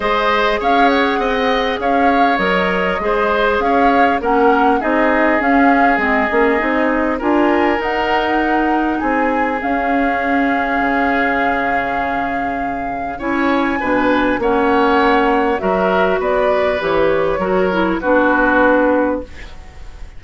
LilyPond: <<
  \new Staff \with { instrumentName = "flute" } { \time 4/4 \tempo 4 = 100 dis''4 f''8 fis''4. f''4 | dis''2 f''4 fis''4 | dis''4 f''4 dis''2 | gis''4 fis''2 gis''4 |
f''1~ | f''2 gis''2 | fis''2 e''4 d''4 | cis''2 b'2 | }
  \new Staff \with { instrumentName = "oboe" } { \time 4/4 c''4 cis''4 dis''4 cis''4~ | cis''4 c''4 cis''4 ais'4 | gis'1 | ais'2. gis'4~ |
gis'1~ | gis'2 cis''4 b'4 | cis''2 ais'4 b'4~ | b'4 ais'4 fis'2 | }
  \new Staff \with { instrumentName = "clarinet" } { \time 4/4 gis'1 | ais'4 gis'2 cis'4 | dis'4 cis'4 c'8 cis'8 dis'4 | f'4 dis'2. |
cis'1~ | cis'2 e'4 d'4 | cis'2 fis'2 | g'4 fis'8 e'8 d'2 | }
  \new Staff \with { instrumentName = "bassoon" } { \time 4/4 gis4 cis'4 c'4 cis'4 | fis4 gis4 cis'4 ais4 | c'4 cis'4 gis8 ais8 c'4 | d'4 dis'2 c'4 |
cis'2 cis2~ | cis2 cis'4 b,4 | ais2 fis4 b4 | e4 fis4 b2 | }
>>